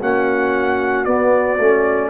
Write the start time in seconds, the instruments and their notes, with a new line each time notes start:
0.00 tuba A#3, trombone C#4, horn F#4, trumpet F#5
1.05 trombone B3, tuba B3, trumpet D5
1.59 tuba A3, trombone C#4